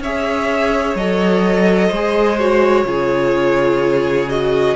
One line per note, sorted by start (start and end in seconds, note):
0.00 0.95 C#4
0.00 0.99 G#4
0.00 1.88 C#5
0.00 0.97 E5
0.95 1.91 F#3
0.95 1.94 A4
0.95 2.39 D#5
1.88 2.85 G#3
1.88 2.83 C5
1.95 2.40 G#4
2.39 2.86 F#4
2.39 4.30 C#5
2.85 4.76 C#3
2.85 4.28 F4
2.85 4.76 G#4
4.30 4.76 F#4
4.30 4.76 D#5